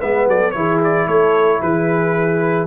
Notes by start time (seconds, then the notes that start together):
0.00 G#3 B3 B4 E5
0.27 F#3 A4 D5
0.51 E3 E4 G#4 C#5
0.84 D5
1.07 A3 A4 C#5
1.61 E3 G#4 B4